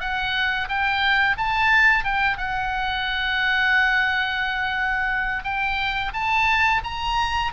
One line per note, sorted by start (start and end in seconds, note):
0.00 0.68 F#5
0.68 1.37 G5
1.37 2.04 A5
2.04 2.37 G5
2.37 5.44 F#5
5.44 6.12 G5
6.14 6.82 A5
6.84 7.52 A#5